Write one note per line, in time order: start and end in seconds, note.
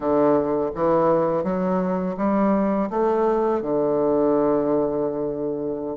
0.00 0.70 D3
0.75 1.43 E3
1.43 2.16 F#3
2.17 2.89 G3
2.89 3.61 A3
3.61 5.96 D3